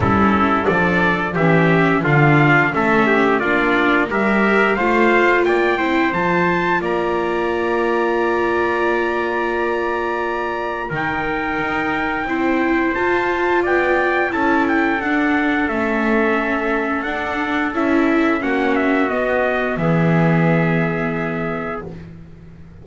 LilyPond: <<
  \new Staff \with { instrumentName = "trumpet" } { \time 4/4 \tempo 4 = 88 a'4 d''4 e''4 f''4 | e''4 d''4 e''4 f''4 | g''4 a''4 ais''2~ | ais''1 |
g''2. a''4 | g''4 a''8 g''8 fis''4 e''4~ | e''4 fis''4 e''4 fis''8 e''8 | dis''4 e''2. | }
  \new Staff \with { instrumentName = "trumpet" } { \time 4/4 e'4 a'4 g'4 f'4 | a'8 g'8 f'4 ais'4 c''4 | d''8 c''4. d''2~ | d''1 |
ais'2 c''2 | d''4 a'2.~ | a'2. fis'4~ | fis'4 gis'2. | }
  \new Staff \with { instrumentName = "viola" } { \time 4/4 cis'4 d'4 cis'4 d'4 | cis'4 d'4 g'4 f'4~ | f'8 e'8 f'2.~ | f'1 |
dis'2 e'4 f'4~ | f'4 e'4 d'4 cis'4~ | cis'4 d'4 e'4 cis'4 | b1 | }
  \new Staff \with { instrumentName = "double bass" } { \time 4/4 g4 f4 e4 d4 | a4 ais4 g4 a4 | ais8 c'8 f4 ais2~ | ais1 |
dis4 dis'4 c'4 f'4 | b4 cis'4 d'4 a4~ | a4 d'4 cis'4 ais4 | b4 e2. | }
>>